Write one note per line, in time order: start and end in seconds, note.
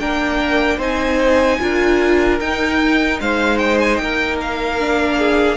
0.00 0.79 A#3
0.00 0.80 D4
0.00 0.78 A#4
0.00 0.80 G5
0.78 1.59 C4
0.78 1.60 D#4
0.78 1.58 C5
0.78 2.40 G#5
1.60 2.41 D4
1.60 2.40 F4
1.60 3.22 A#4
2.40 3.21 D#4
2.40 4.80 D#4
2.40 3.20 G5
3.21 4.00 G#3
3.21 4.02 C5
3.21 3.59 F5
3.59 3.79 G5
3.81 3.97 G#5
3.97 5.57 A#3
3.97 4.37 G5
4.03 5.19 A#4
4.41 5.57 F5
4.80 5.57 D4
5.19 5.57 G#4